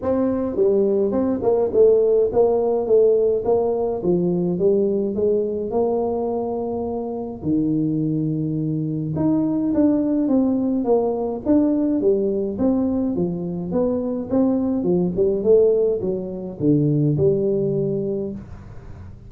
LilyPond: \new Staff \with { instrumentName = "tuba" } { \time 4/4 \tempo 4 = 105 c'4 g4 c'8 ais8 a4 | ais4 a4 ais4 f4 | g4 gis4 ais2~ | ais4 dis2. |
dis'4 d'4 c'4 ais4 | d'4 g4 c'4 f4 | b4 c'4 f8 g8 a4 | fis4 d4 g2 | }